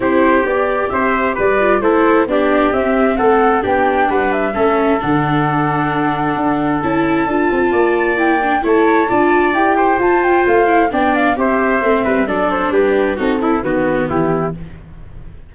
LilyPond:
<<
  \new Staff \with { instrumentName = "flute" } { \time 4/4 \tempo 4 = 132 c''4 d''4 e''4 d''4 | c''4 d''4 e''4 fis''4 | g''4 fis''8 e''4. fis''4~ | fis''2. a''4~ |
a''2 g''4 a''4~ | a''4 g''4 a''8 g''8 f''4 | g''8 f''8 e''2 d''8 c''8 | b'4 a'4 b'4 g'4 | }
  \new Staff \with { instrumentName = "trumpet" } { \time 4/4 g'2 c''4 b'4 | a'4 g'2 a'4 | g'4 b'4 a'2~ | a'1~ |
a'4 d''2 cis''4 | d''4. c''2~ c''8 | d''4 c''4. b'8 a'4 | g'4 fis'8 e'8 fis'4 e'4 | }
  \new Staff \with { instrumentName = "viola" } { \time 4/4 e'4 g'2~ g'8 f'8 | e'4 d'4 c'2 | d'2 cis'4 d'4~ | d'2. e'4 |
f'2 e'8 d'8 e'4 | f'4 g'4 f'4. e'8 | d'4 g'4 c'4 d'4~ | d'4 dis'8 e'8 b2 | }
  \new Staff \with { instrumentName = "tuba" } { \time 4/4 c'4 b4 c'4 g4 | a4 b4 c'4 a4 | b4 g4 a4 d4~ | d2 d'4 cis'4 |
d'8 c'8 ais2 a4 | d'4 e'4 f'4 a4 | b4 c'4 a8 g8 fis4 | g4 c'4 dis4 e4 | }
>>